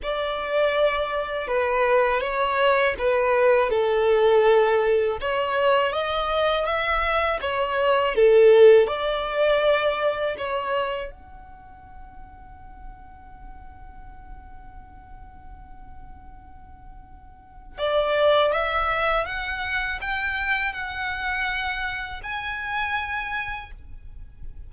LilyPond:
\new Staff \with { instrumentName = "violin" } { \time 4/4 \tempo 4 = 81 d''2 b'4 cis''4 | b'4 a'2 cis''4 | dis''4 e''4 cis''4 a'4 | d''2 cis''4 fis''4~ |
fis''1~ | fis''1 | d''4 e''4 fis''4 g''4 | fis''2 gis''2 | }